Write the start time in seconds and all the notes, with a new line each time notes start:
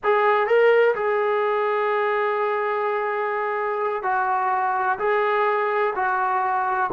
0.03 G#4
0.47 A#4
0.95 G#4
4.03 F#4
4.98 G#4
5.95 F#4